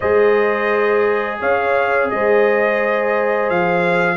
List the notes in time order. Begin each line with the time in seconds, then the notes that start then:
0.00 G#3 G#4 C5 D#5
1.40 C#4 C#5 F5
2.10 G#3 C5 D#5
3.49 F3 F5